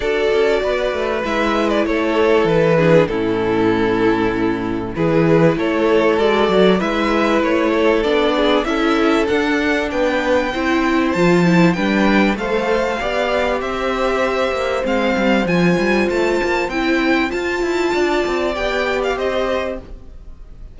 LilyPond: <<
  \new Staff \with { instrumentName = "violin" } { \time 4/4 \tempo 4 = 97 d''2 e''8. d''16 cis''4 | b'4 a'2. | b'4 cis''4 d''4 e''4 | cis''4 d''4 e''4 fis''4 |
g''2 a''4 g''4 | f''2 e''2 | f''4 gis''4 a''4 g''4 | a''2 g''8. f''16 dis''4 | }
  \new Staff \with { instrumentName = "violin" } { \time 4/4 a'4 b'2 a'4~ | a'8 gis'8 e'2. | gis'4 a'2 b'4~ | b'8 a'4 gis'8 a'2 |
b'4 c''2 b'4 | c''4 d''4 c''2~ | c''1~ | c''4 d''2 c''4 | }
  \new Staff \with { instrumentName = "viola" } { \time 4/4 fis'2 e'2~ | e'8 d'8 cis'2. | e'2 fis'4 e'4~ | e'4 d'4 e'4 d'4~ |
d'4 e'4 f'8 e'8 d'4 | a'4 g'2. | c'4 f'2 e'4 | f'2 g'2 | }
  \new Staff \with { instrumentName = "cello" } { \time 4/4 d'8 cis'8 b8 a8 gis4 a4 | e4 a,2. | e4 a4 gis8 fis8 gis4 | a4 b4 cis'4 d'4 |
b4 c'4 f4 g4 | a4 b4 c'4. ais8 | gis8 g8 f8 g8 a8 ais8 c'4 | f'8 e'8 d'8 c'8 b4 c'4 | }
>>